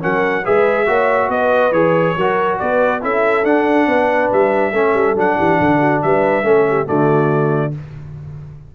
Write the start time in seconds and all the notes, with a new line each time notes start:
0.00 F#3 C#4 A#4 F#5
0.43 G#3 G#4 B4 E5
0.86 A#3 F#4 C#5
1.29 B3 B4 D#5
1.71 E3 G#4 C#5
2.16 F#3 F#4 A#4
2.58 B3 B4 D5
3.01 C#4 E4 A4 E5
3.44 D4 F#5
3.87 B3 B4
4.32 G3 E5
4.72 A3 C#4 A4
4.94 G3
5.15 F#3 D4 F#5
5.38 E3 G4
5.59 D3 A4
5.80 F#4
6.02 G3 B4 E5
6.43 A3 C#4 A4
6.69 G4
6.86 D3 A3 F#4 D5